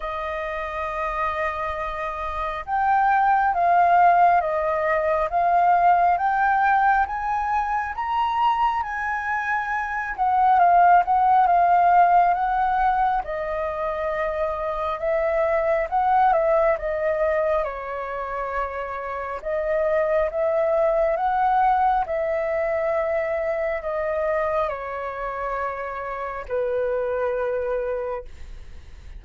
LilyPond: \new Staff \with { instrumentName = "flute" } { \time 4/4 \tempo 4 = 68 dis''2. g''4 | f''4 dis''4 f''4 g''4 | gis''4 ais''4 gis''4. fis''8 | f''8 fis''8 f''4 fis''4 dis''4~ |
dis''4 e''4 fis''8 e''8 dis''4 | cis''2 dis''4 e''4 | fis''4 e''2 dis''4 | cis''2 b'2 | }